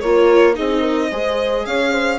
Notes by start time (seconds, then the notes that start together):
0.00 A#3 F4 A#4 C#5
0.54 C4 D#4 G#4 D#5
0.81 A#4
1.11 G#3 G#4 C5
1.66 C#4 C#5 F5
1.92 C5